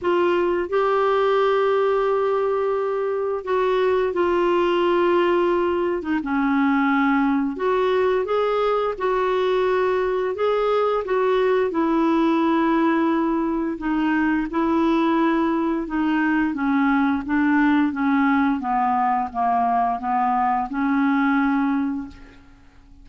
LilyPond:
\new Staff \with { instrumentName = "clarinet" } { \time 4/4 \tempo 4 = 87 f'4 g'2.~ | g'4 fis'4 f'2~ | f'8. dis'16 cis'2 fis'4 | gis'4 fis'2 gis'4 |
fis'4 e'2. | dis'4 e'2 dis'4 | cis'4 d'4 cis'4 b4 | ais4 b4 cis'2 | }